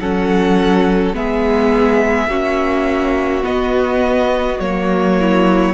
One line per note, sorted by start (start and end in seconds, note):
0.00 1.13 F#3
0.00 1.14 C#4
0.00 1.16 A4
0.00 1.15 F#5
1.13 2.28 G#3
1.13 2.29 B3
1.13 2.30 G#4
1.13 3.44 E5
2.28 3.43 A#3
2.28 3.43 C#4
2.28 5.18 F#4
3.43 4.58 B3
3.43 4.60 B3
3.43 4.60 D#5
4.60 5.74 F#3
4.60 5.74 A#3
4.60 5.74 C#5
5.20 5.74 E4